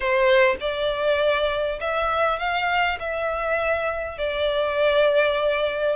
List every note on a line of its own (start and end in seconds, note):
0.00 0.55 C5
0.60 1.79 D5
1.80 2.39 E5
2.39 2.98 F5
2.99 4.17 E5
4.17 5.95 D5